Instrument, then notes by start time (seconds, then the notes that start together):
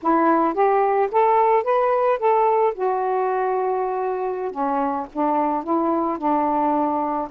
saxophone
0.02 E4
0.54 G4
1.11 A4
1.63 B4
2.18 A4
2.74 F#4
4.51 C#4
5.12 D4
5.63 E4
6.18 D4